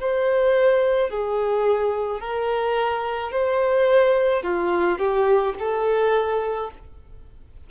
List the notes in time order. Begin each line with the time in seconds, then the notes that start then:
0.00 C5
1.11 G#4
2.21 A#4
3.32 C5
4.43 F4
4.99 G4
5.60 A4